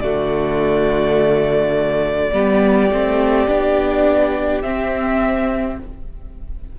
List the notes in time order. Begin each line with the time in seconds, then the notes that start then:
0.00 D3 A3 F#4 D5
2.33 G3 B3 G4
2.90 A3 C4
3.48 B3 D4
4.62 C4 E5